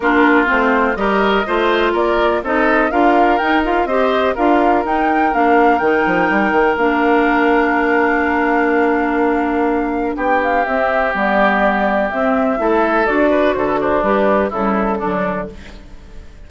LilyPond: <<
  \new Staff \with { instrumentName = "flute" } { \time 4/4 \tempo 4 = 124 ais'4 c''4 dis''2 | d''4 dis''4 f''4 g''8 f''8 | dis''4 f''4 g''4 f''4 | g''2 f''2~ |
f''1~ | f''4 g''8 f''8 e''4 d''4~ | d''4 e''2 d''4 | c''16 b'16 c''8 b'4 a'2 | }
  \new Staff \with { instrumentName = "oboe" } { \time 4/4 f'2 ais'4 c''4 | ais'4 a'4 ais'2 | c''4 ais'2.~ | ais'1~ |
ais'1~ | ais'4 g'2.~ | g'2 a'4. b'8 | a'8 d'4. e'4 d'4 | }
  \new Staff \with { instrumentName = "clarinet" } { \time 4/4 d'4 c'4 g'4 f'4~ | f'4 dis'4 f'4 dis'8 f'8 | g'4 f'4 dis'4 d'4 | dis'2 d'2~ |
d'1~ | d'2 c'4 b4~ | b4 c'4 e'4 fis'4~ | fis'4 g'4 g4 fis4 | }
  \new Staff \with { instrumentName = "bassoon" } { \time 4/4 ais4 a4 g4 a4 | ais4 c'4 d'4 dis'4 | c'4 d'4 dis'4 ais4 | dis8 f8 g8 dis8 ais2~ |
ais1~ | ais4 b4 c'4 g4~ | g4 c'4 a4 d'4 | d4 g4 cis4 d4 | }
>>